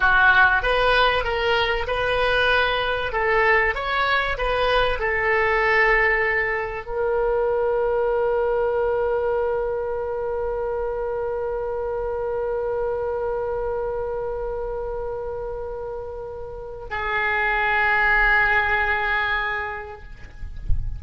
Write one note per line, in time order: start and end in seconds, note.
0.00 0.62 F#4
0.62 1.24 B4
1.24 1.86 A#4
1.87 3.12 B4
3.12 3.74 A4
3.74 4.37 C#5
4.37 4.99 B4
4.99 6.86 A4
6.86 16.86 A#4
16.90 20.03 G#4